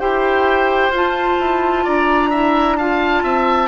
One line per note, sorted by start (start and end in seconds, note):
0.00 0.90 E4
0.00 0.93 G4
0.00 1.85 C5
0.00 0.92 G5
0.90 1.36 F4
0.90 2.33 F4
0.97 1.87 A5
1.40 1.86 E4
1.85 3.24 D4
1.85 2.31 D5
1.85 2.77 A#5
2.31 2.79 E4
2.31 2.77 E5
2.77 3.69 F4
2.77 3.24 F5
2.77 3.69 A5
3.24 3.69 C4
3.24 3.69 E5